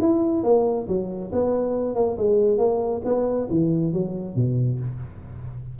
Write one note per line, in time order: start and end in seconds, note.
0.00 0.43 E4
0.43 0.87 A#3
0.87 1.31 F#3
1.32 1.95 B3
1.95 2.16 A#3
2.17 2.57 G#3
2.57 3.01 A#3
3.04 3.47 B3
3.50 3.92 E3
3.92 4.35 F#3
4.35 4.78 B2